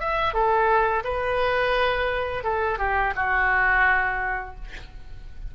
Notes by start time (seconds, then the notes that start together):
0.00 E5
0.33 A4
1.04 B4
2.44 A4
2.78 G4
3.16 F#4